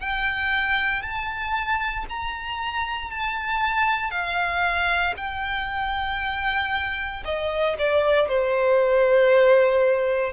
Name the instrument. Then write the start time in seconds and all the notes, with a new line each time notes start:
violin
0.00 G5
1.02 A5
2.09 A#5
3.11 A5
4.11 F5
5.17 G5
7.25 D#5
7.78 D5
8.28 C5